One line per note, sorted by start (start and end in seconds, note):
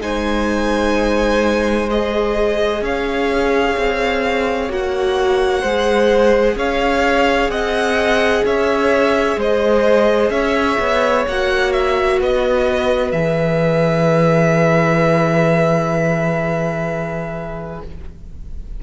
0.00 2.81 G#3
0.00 1.88 D#4
0.00 2.83 C5
0.00 1.89 G#5
1.89 4.69 G#4
1.89 2.83 D#5
2.81 3.75 C#4
2.81 5.61 C#5
2.81 4.71 F5
3.77 4.69 C4
4.69 5.63 A#3
4.69 5.62 F#4
4.69 6.58 F#5
5.61 6.55 G#3
5.61 11.28 G#4
5.61 6.54 C5
6.55 7.48 C#4
6.55 7.50 C#5
6.55 7.50 F5
7.48 8.42 C4
7.48 8.44 D#5
7.48 8.44 F#5
8.44 9.36 C#4
8.44 9.38 C#5
8.44 9.39 E5
9.36 10.29 G#3
9.36 10.32 C5
9.36 10.30 D#5
10.29 10.76 C#4
10.29 12.19 C#5
10.29 11.24 E5
10.79 11.26 B3
11.27 12.21 A#3
11.27 13.14 F#4
11.27 11.72 F#5
11.72 12.19 E5
12.19 13.12 B3
12.19 17.82 B4
12.19 13.11 D#5
13.11 17.81 E3
13.11 17.82 G#4
13.11 17.80 E5